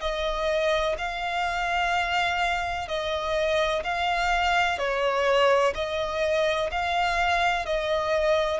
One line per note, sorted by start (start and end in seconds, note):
0.00 0.95 D#5
0.97 2.88 F5
2.88 3.83 D#5
3.84 4.78 F5
4.78 5.73 C#5
5.74 6.70 D#5
6.71 7.65 F5
7.65 8.60 D#5